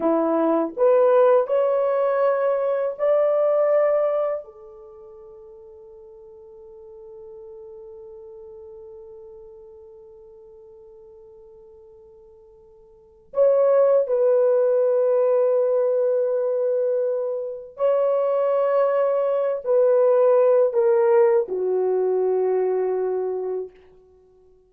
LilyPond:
\new Staff \with { instrumentName = "horn" } { \time 4/4 \tempo 4 = 81 e'4 b'4 cis''2 | d''2 a'2~ | a'1~ | a'1~ |
a'2 cis''4 b'4~ | b'1 | cis''2~ cis''8 b'4. | ais'4 fis'2. | }